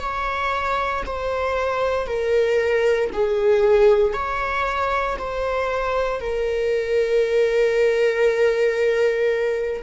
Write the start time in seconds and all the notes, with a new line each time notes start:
0.00 C#5
1.06 C5
2.07 A#4
3.13 G#4
4.13 C#5
5.19 C5
6.21 A#4